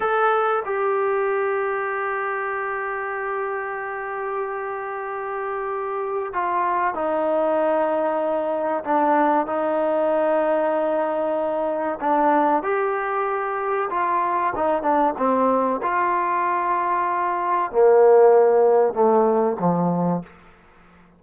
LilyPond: \new Staff \with { instrumentName = "trombone" } { \time 4/4 \tempo 4 = 95 a'4 g'2.~ | g'1~ | g'2 f'4 dis'4~ | dis'2 d'4 dis'4~ |
dis'2. d'4 | g'2 f'4 dis'8 d'8 | c'4 f'2. | ais2 a4 f4 | }